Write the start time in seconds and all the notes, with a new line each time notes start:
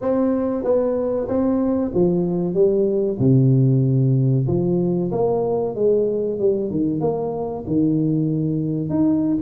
0.01 C4
0.64 B3
1.28 C4
1.94 F3
2.54 G3
3.19 C3
4.47 F3
5.11 A#3
5.75 G#3
6.39 G3
6.70 D#3
7.00 A#3
7.66 D#3
8.89 D#4